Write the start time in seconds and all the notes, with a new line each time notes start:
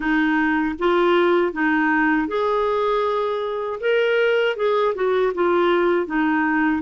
0.00 D#4
0.78 F4
1.52 D#4
2.27 G#4
3.80 A#4
4.56 G#4
4.94 F#4
5.34 F4
6.06 D#4